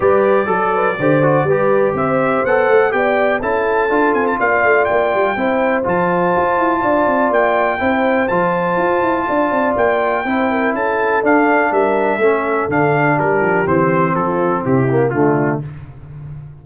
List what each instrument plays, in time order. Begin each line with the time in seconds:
0.00 tuba G3, trombone G4, horn B4, trumpet D5
0.46 tuba F#3, trombone A4, horn A4
0.74 horn B4
0.99 tuba D3, trombone G4, horn C5
1.22 trombone F#4
1.43 tuba G3, trombone G4, horn B4
1.93 tuba C4, horn C5, trumpet E5
2.44 tuba B3, trombone A4, trumpet F#5
2.69 tuba A3
2.91 tuba B3, trombone G4, horn D5, trumpet G5
3.40 tuba C#4, trombone E4, horn A4, trumpet A5
3.89 tuba D4, trombone F4
4.14 tuba C4, trumpet G#5
4.26 trumpet A5
4.38 tuba A#3, horn D5, trumpet F5
4.63 tuba A3
4.84 tuba A#3, trumpet G5
5.14 tuba G3
5.36 tuba C4, trombone E4, horn C5
5.83 tuba F3, trombone F4, trumpet A5
6.36 tuba F4
6.57 tuba E4
6.81 tuba D4, horn D5
7.06 tuba C4
7.30 tuba A#3, trumpet G5
7.78 tuba C4, trombone E4, horn C5
8.28 tuba F3, trombone F4, trumpet A5
8.77 tuba F4
9.02 tuba E4
9.27 tuba D4, horn D5
9.51 tuba C4
9.76 tuba A#3, trumpet G5
10.25 tuba C4, trombone E4, horn C5
10.51 horn A#4
10.73 tuba C#4, horn A4, trumpet A5
11.22 tuba D4, trombone D4, trumpet F5
11.71 tuba G3, horn A#4, trumpet E5
12.17 tuba A3, trombone C#4, horn A4
12.68 tuba D3, trombone D4, trumpet F5
13.15 tuba G3, horn G4, trumpet A#4
13.41 tuba F3
13.66 tuba E3, trombone C4, trumpet C5
14.13 tuba F3, horn F4, trumpet A4
14.62 tuba C3, horn E4, trumpet G4
14.89 trombone A#3
15.09 tuba D3, trombone A3, trumpet F4
15.16 horn D4